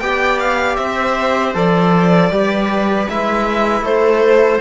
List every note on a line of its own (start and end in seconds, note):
0.00 0.77 B3
0.00 1.54 G4
0.00 0.78 D5
0.00 0.38 G5
0.40 0.76 F5
0.76 1.54 C4
0.76 2.30 C5
0.76 1.53 E5
1.54 2.30 F3
1.54 2.31 A4
1.54 3.09 D5
2.30 3.07 G3
2.30 3.08 G4
2.30 3.84 B4
3.09 3.81 G#3
3.09 4.61 E4
3.09 3.85 E5
3.81 4.58 A3
3.81 4.61 A4
3.81 4.61 C5